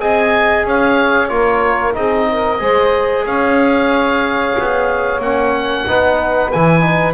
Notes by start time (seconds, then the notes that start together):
0.00 C4 G#4 D#5 G#5
0.65 C#4 C#5 F5
1.29 A#3 F4 A#4 C#5
1.94 C4 D#4 G#4 D#5
2.31 A#4
2.60 G#3 G#4 C5
3.26 C#4 C#5 F5
4.59 B3
5.20 A#3 C#4 F#5
5.87 B3 D#4 B4
6.52 E3 E4 G#5
6.81 D#4